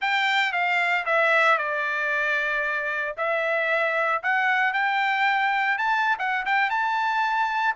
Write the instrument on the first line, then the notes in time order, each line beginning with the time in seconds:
trumpet
0.01 G5
0.52 F5
1.05 E5
1.57 D5
3.17 E5
4.22 F#5
4.73 G5
5.78 A5
6.18 F#5
6.45 G5
6.69 A5